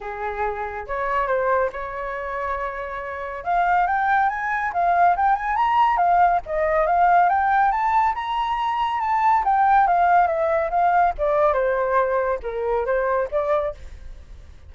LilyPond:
\new Staff \with { instrumentName = "flute" } { \time 4/4 \tempo 4 = 140 gis'2 cis''4 c''4 | cis''1 | f''4 g''4 gis''4 f''4 | g''8 gis''8 ais''4 f''4 dis''4 |
f''4 g''4 a''4 ais''4~ | ais''4 a''4 g''4 f''4 | e''4 f''4 d''4 c''4~ | c''4 ais'4 c''4 d''4 | }